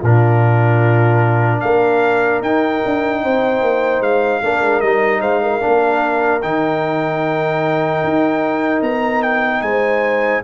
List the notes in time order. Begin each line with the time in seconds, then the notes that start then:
0.00 A#2 D4 F4 A#4
1.60 A#3 A#4 F5
2.41 D#4 G5
2.85 D4
3.22 C4 C5
3.61 A#3
4.00 G#3 F5
4.42 A#3 D4 A#4
4.61 G#3
4.80 G3 D#4 D#5
5.20 G#3 C5 F5
5.42 A#4
5.60 A#3 D4
6.42 D#3 D#4 G5
8.03 D#4
8.81 B3 A#5
9.22 G5
9.61 G#3 C5 G#5